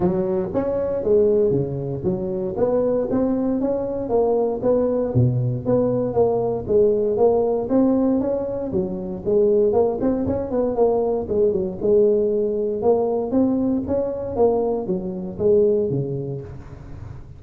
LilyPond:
\new Staff \with { instrumentName = "tuba" } { \time 4/4 \tempo 4 = 117 fis4 cis'4 gis4 cis4 | fis4 b4 c'4 cis'4 | ais4 b4 b,4 b4 | ais4 gis4 ais4 c'4 |
cis'4 fis4 gis4 ais8 c'8 | cis'8 b8 ais4 gis8 fis8 gis4~ | gis4 ais4 c'4 cis'4 | ais4 fis4 gis4 cis4 | }